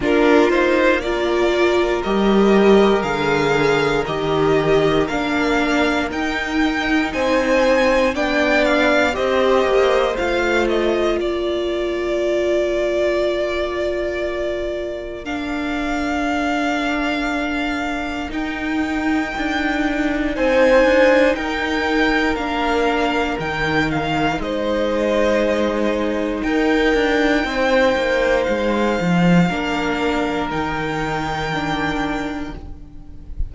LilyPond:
<<
  \new Staff \with { instrumentName = "violin" } { \time 4/4 \tempo 4 = 59 ais'8 c''8 d''4 dis''4 f''4 | dis''4 f''4 g''4 gis''4 | g''8 f''8 dis''4 f''8 dis''8 d''4~ | d''2. f''4~ |
f''2 g''2 | gis''4 g''4 f''4 g''8 f''8 | dis''2 g''2 | f''2 g''2 | }
  \new Staff \with { instrumentName = "violin" } { \time 4/4 f'4 ais'2.~ | ais'2. c''4 | d''4 c''2 ais'4~ | ais'1~ |
ais'1 | c''4 ais'2. | c''2 ais'4 c''4~ | c''4 ais'2. | }
  \new Staff \with { instrumentName = "viola" } { \time 4/4 d'8 dis'8 f'4 g'4 gis'4 | g'4 d'4 dis'2 | d'4 g'4 f'2~ | f'2. d'4~ |
d'2 dis'2~ | dis'2 d'4 dis'4~ | dis'1~ | dis'4 d'4 dis'4 d'4 | }
  \new Staff \with { instrumentName = "cello" } { \time 4/4 ais2 g4 d4 | dis4 ais4 dis'4 c'4 | b4 c'8 ais8 a4 ais4~ | ais1~ |
ais2 dis'4 d'4 | c'8 d'8 dis'4 ais4 dis4 | gis2 dis'8 d'8 c'8 ais8 | gis8 f8 ais4 dis2 | }
>>